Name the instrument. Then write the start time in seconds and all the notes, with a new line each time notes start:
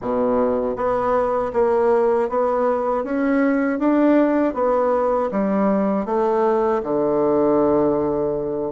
bassoon
0.01 B2
0.76 B3
1.53 A#3
2.29 B3
3.03 C#4
3.79 D4
4.54 B3
5.31 G3
6.05 A3
6.83 D3